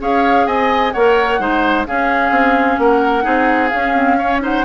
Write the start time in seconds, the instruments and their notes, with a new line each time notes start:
0.00 bassoon C#4, clarinet G#4, oboe C#5, flute F5
0.47 bassoon C4, oboe D#5, flute G#5
0.92 bassoon A#3, clarinet A#4, oboe C#5, flute F#5
1.40 bassoon G#3, clarinet D#4, oboe C5
1.87 clarinet C#4, bassoon C#4, oboe G#4, flute F5
2.31 bassoon C4
2.78 bassoon A#3, oboe A#4, flute F#5
3.22 bassoon C4, clarinet D#4, oboe G#4
3.69 bassoon C#4, clarinet C#4, flute F5
3.95 clarinet C4
4.19 clarinet C#4, oboe C#5
4.41 clarinet D#4, oboe C5, flute F#5